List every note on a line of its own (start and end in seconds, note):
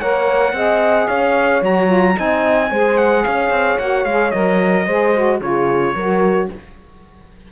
0.00 0.53 A#3
0.00 0.55 A#4
0.00 0.54 C#5
0.00 1.08 F#5
0.53 1.07 C4
0.53 1.62 G#4
0.53 1.08 D#5
1.08 1.62 C#4
1.08 2.16 C#5
1.08 1.62 F5
1.62 2.16 F#3
1.62 1.87 F#4
1.62 2.19 A#5
1.87 2.14 F4
2.15 2.71 C4
2.15 2.69 D#4
2.15 2.71 D#5
2.15 2.98 G#5
2.71 3.25 G#3
2.71 3.81 G#4
2.71 3.25 C5
2.98 3.24 F#5
3.24 3.51 C#4
3.24 4.87 C#5
3.24 3.78 F5
3.51 3.78 C4
3.79 4.05 A#3
3.79 4.08 F#4
3.79 4.05 F#5
4.05 4.32 G#3
4.05 4.33 G#4
4.05 4.31 F5
4.31 4.87 F#3
4.31 4.87 A#4
4.31 5.40 D#5
4.87 5.41 G#3
4.87 5.15 G#4
4.87 5.41 C5
5.15 5.41 F#4
5.41 5.95 C#3
5.41 5.95 F4
5.41 5.95 G#4
5.41 6.50 C#5
5.95 6.49 F#3
5.95 6.52 F#4
5.95 6.50 A#4